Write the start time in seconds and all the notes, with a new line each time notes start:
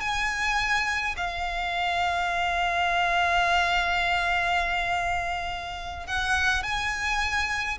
0.00 G#5
1.16 F5
6.07 F#5
6.63 G#5